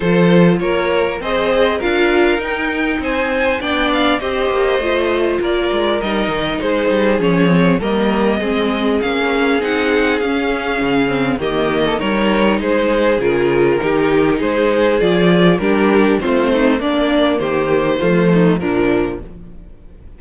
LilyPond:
<<
  \new Staff \with { instrumentName = "violin" } { \time 4/4 \tempo 4 = 100 c''4 cis''4 dis''4 f''4 | g''4 gis''4 g''8 f''8 dis''4~ | dis''4 d''4 dis''4 c''4 | cis''4 dis''2 f''4 |
fis''4 f''2 dis''4 | cis''4 c''4 ais'2 | c''4 d''4 ais'4 c''4 | d''4 c''2 ais'4 | }
  \new Staff \with { instrumentName = "violin" } { \time 4/4 a'4 ais'4 c''4 ais'4~ | ais'4 c''4 d''4 c''4~ | c''4 ais'2 gis'4~ | gis'4 ais'4 gis'2~ |
gis'2. g'8. a'16 | ais'4 gis'2 g'4 | gis'2 g'4 f'8 dis'8 | d'4 g'4 f'8 dis'8 d'4 | }
  \new Staff \with { instrumentName = "viola" } { \time 4/4 f'2 gis'4 f'4 | dis'2 d'4 g'4 | f'2 dis'2 | cis'8 c'8 ais4 c'4 cis'4 |
dis'4 cis'4. c'8 ais4 | dis'2 f'4 dis'4~ | dis'4 f'4 d'4 c'4 | ais2 a4 f4 | }
  \new Staff \with { instrumentName = "cello" } { \time 4/4 f4 ais4 c'4 d'4 | dis'4 c'4 b4 c'8 ais8 | a4 ais8 gis8 g8 dis8 gis8 g8 | f4 g4 gis4 ais4 |
c'4 cis'4 cis4 dis4 | g4 gis4 cis4 dis4 | gis4 f4 g4 a4 | ais4 dis4 f4 ais,4 | }
>>